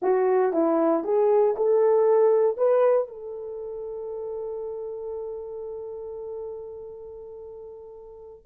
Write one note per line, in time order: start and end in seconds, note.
0.01 0.52 F#4
0.52 1.03 E4
1.03 1.55 G#4
1.56 2.57 A4
2.57 3.07 B4
3.07 8.45 A4